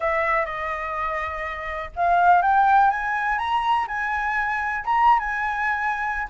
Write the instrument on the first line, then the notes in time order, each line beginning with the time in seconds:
flute
0.00 E5
0.45 D#5
1.96 F5
2.42 G5
2.90 G#5
3.38 A#5
3.87 G#5
4.85 A#5
5.19 G#5